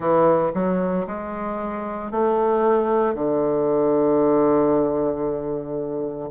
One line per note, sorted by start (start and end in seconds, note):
0.00 0.52 E3
0.54 1.06 F#3
1.06 2.11 G#3
2.11 3.14 A3
3.14 6.30 D3